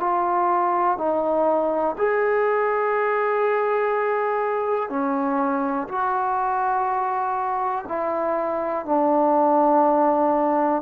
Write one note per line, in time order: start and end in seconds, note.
0.00 0.97 F4
0.97 1.96 D#4
1.98 4.89 G#4
4.89 5.87 C#4
5.88 7.85 F#4
7.88 8.85 E4
8.85 10.82 D4